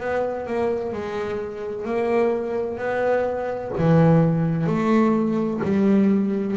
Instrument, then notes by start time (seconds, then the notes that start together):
double bass
0.00 B3
0.46 A#3
0.92 G#3
1.85 A#3
2.77 B3
3.78 E3
4.67 A3
5.63 G3